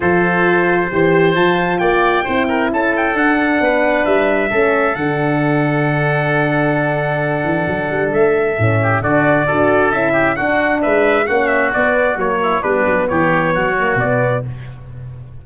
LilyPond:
<<
  \new Staff \with { instrumentName = "trumpet" } { \time 4/4 \tempo 4 = 133 c''2. a''4 | g''2 a''8 g''8 fis''4~ | fis''4 e''2 fis''4~ | fis''1~ |
fis''2 e''2 | d''2 e''4 fis''4 | e''4 fis''8 e''8 d''4 cis''4 | b'4 cis''2 d''4 | }
  \new Staff \with { instrumentName = "oboe" } { \time 4/4 a'2 c''2 | d''4 c''8 ais'8 a'2 | b'2 a'2~ | a'1~ |
a'2.~ a'8 g'8 | fis'4 a'4. g'8 fis'4 | b'4 fis'2~ fis'8 e'8 | d'4 g'4 fis'2 | }
  \new Staff \with { instrumentName = "horn" } { \time 4/4 f'2 g'4 f'4~ | f'4 e'2 d'4~ | d'2 cis'4 d'4~ | d'1~ |
d'2. cis'4 | d'4 fis'4 e'4 d'4~ | d'4 cis'4 b4 ais4 | b2~ b8 ais8 b4 | }
  \new Staff \with { instrumentName = "tuba" } { \time 4/4 f2 e4 f4 | ais4 c'4 cis'4 d'4 | b4 g4 a4 d4~ | d1~ |
d8 e8 fis8 g8 a4 a,4 | d4 d'4 cis'4 d'4 | gis4 ais4 b4 fis4 | g8 fis8 e4 fis4 b,4 | }
>>